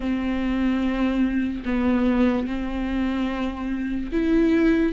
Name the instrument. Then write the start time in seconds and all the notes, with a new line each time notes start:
viola
0.00 C4
1.65 B3
2.46 C4
4.12 E4